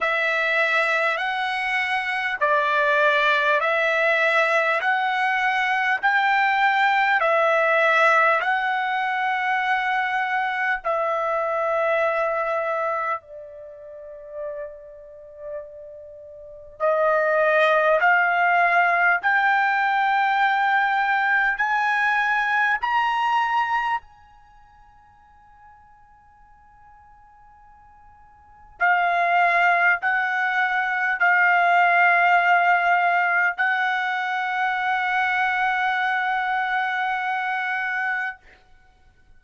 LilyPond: \new Staff \with { instrumentName = "trumpet" } { \time 4/4 \tempo 4 = 50 e''4 fis''4 d''4 e''4 | fis''4 g''4 e''4 fis''4~ | fis''4 e''2 d''4~ | d''2 dis''4 f''4 |
g''2 gis''4 ais''4 | gis''1 | f''4 fis''4 f''2 | fis''1 | }